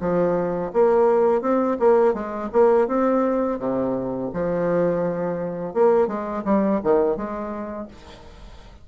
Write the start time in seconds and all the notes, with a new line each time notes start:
0.00 F3
0.73 A#3
1.41 C4
1.79 A#3
2.14 G#3
2.52 A#3
2.87 C4
3.59 C3
4.33 F3
5.74 A#3
6.07 G#3
6.44 G3
6.83 D#3
7.16 G#3